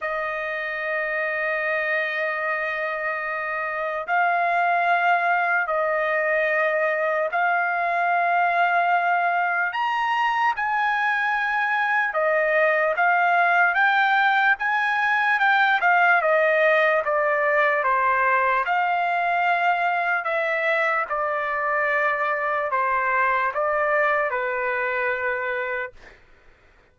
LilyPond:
\new Staff \with { instrumentName = "trumpet" } { \time 4/4 \tempo 4 = 74 dis''1~ | dis''4 f''2 dis''4~ | dis''4 f''2. | ais''4 gis''2 dis''4 |
f''4 g''4 gis''4 g''8 f''8 | dis''4 d''4 c''4 f''4~ | f''4 e''4 d''2 | c''4 d''4 b'2 | }